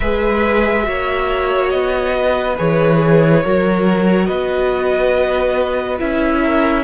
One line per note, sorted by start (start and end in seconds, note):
0.00 0.87 G#3
0.00 0.82 G#4
0.00 0.85 B4
0.00 1.68 E5
0.82 1.73 A#3
0.82 2.54 F#4
0.82 2.16 C#5
1.70 2.58 B3
1.70 2.55 D#5
2.17 3.43 B4
2.57 3.44 E3
2.57 3.42 G#4
2.57 4.26 C#5
3.43 4.28 F#3
3.43 5.98 F#4
3.43 4.27 A#4
4.26 6.00 B3
4.26 6.41 B4
4.26 5.97 D#5
5.98 6.84 C#4
5.98 6.84 E4
5.98 6.84 E5
6.42 6.84 A#4